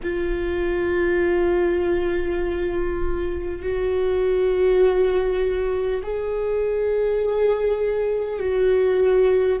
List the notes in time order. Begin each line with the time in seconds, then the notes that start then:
0.03 F4
3.62 F#4
6.02 G#4
8.39 F#4